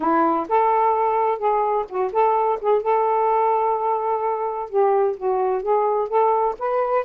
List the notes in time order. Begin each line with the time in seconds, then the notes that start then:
0.00 E4
0.48 A4
1.38 G#4
1.88 F#4
2.12 A4
2.60 G#4
2.82 A4
4.69 G4
5.16 F#4
5.62 G#4
6.08 A4
6.59 B4